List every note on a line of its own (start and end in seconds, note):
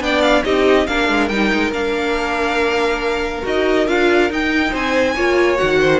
0.00 0.43 B3
0.00 0.43 D4
0.00 0.44 D5
0.00 0.22 G5
0.22 0.43 F5
0.44 0.88 C4
0.44 0.87 D#4
0.44 0.87 G4
0.44 0.87 D#5
0.87 1.09 A#3
0.87 1.30 D4
0.87 4.71 A#4
0.87 1.29 F5
1.09 1.30 G#3
1.29 1.51 G3
1.29 1.72 D#4
1.29 1.72 G5
1.53 1.72 G#3
1.72 3.43 A#3
1.72 3.42 D4
1.72 3.45 F5
3.42 3.87 D#4
3.42 3.85 F#4
3.42 3.88 D#5
3.87 4.30 D4
3.87 4.30 F4
3.87 4.31 F5
4.30 4.73 D#4
4.30 5.16 D#4
4.30 4.75 G5
4.71 5.16 C4
4.71 5.14 C5
4.71 5.57 G#5
5.16 5.59 A#3
5.16 5.57 F4
5.16 5.80 C#5
5.57 6.00 D#3
5.57 6.00 F#4
5.57 6.00 F#5
5.81 6.00 C5